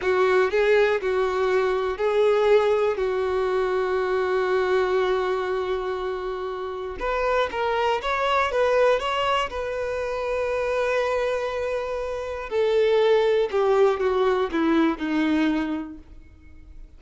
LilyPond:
\new Staff \with { instrumentName = "violin" } { \time 4/4 \tempo 4 = 120 fis'4 gis'4 fis'2 | gis'2 fis'2~ | fis'1~ | fis'2 b'4 ais'4 |
cis''4 b'4 cis''4 b'4~ | b'1~ | b'4 a'2 g'4 | fis'4 e'4 dis'2 | }